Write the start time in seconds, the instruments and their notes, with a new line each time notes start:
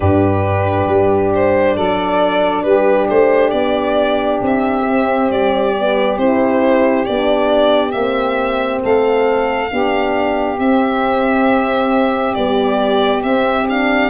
0.00 tuba G2, horn D4, saxophone G4, violin B4
0.87 tuba G3
1.34 violin C5
1.75 tuba F#3, saxophone A4, violin D5
2.63 tuba G3, saxophone G4, violin B4
3.09 tuba A3, violin C5
3.50 tuba B3, violin D5
4.41 tuba C4, violin E5
4.86 horn C4
5.30 tuba G3, violin D5
5.75 horn B3
6.17 tuba C4, horn E4, violin C5
7.05 tuba B3, horn D4, violin D5
7.91 tuba A#3, horn C4, violin E5
8.82 tuba A3, saxophone A4, violin F5
9.71 tuba B3, horn D4, saxophone G4
10.58 tuba C4, horn C4, violin E5
12.34 horn G3, tuba B3, violin D5
13.20 horn C4, tuba C4, violin E5
13.69 horn D4, violin F5